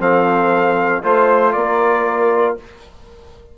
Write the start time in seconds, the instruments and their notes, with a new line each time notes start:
0.00 bassoon F3, trombone C4, horn A4, trumpet F5
1.03 bassoon A3, trombone F4, trumpet C5, horn C5
1.53 bassoon A#3, horn A#4, trumpet D5